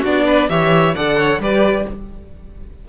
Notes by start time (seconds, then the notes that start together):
0.00 B3 D4 F#4 D5
0.26 B4
0.49 E3 G4 C#5 E5
0.95 D3 A4 D5 F#5
1.18 C#5
1.39 G3 G4 B4 D5